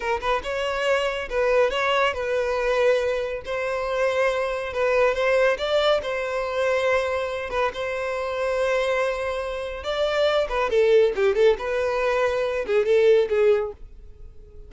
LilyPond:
\new Staff \with { instrumentName = "violin" } { \time 4/4 \tempo 4 = 140 ais'8 b'8 cis''2 b'4 | cis''4 b'2. | c''2. b'4 | c''4 d''4 c''2~ |
c''4. b'8 c''2~ | c''2. d''4~ | d''8 b'8 a'4 g'8 a'8 b'4~ | b'4. gis'8 a'4 gis'4 | }